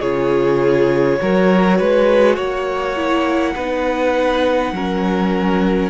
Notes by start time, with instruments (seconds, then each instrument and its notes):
0.00 cello C#3, viola F4, violin G#4 C#5
1.20 cello F#3, viola F#4, violin A#4
1.78 cello G#3, violin B4
2.36 cello A#3, violin C#5 F#5
2.96 viola E4
3.55 cello B3, viola D#4, violin B4
4.72 cello F#3, viola C#4, violin A#4